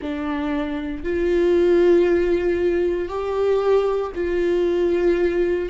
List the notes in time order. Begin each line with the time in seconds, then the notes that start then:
0.01 D4
1.03 F4
3.08 G4
4.14 F4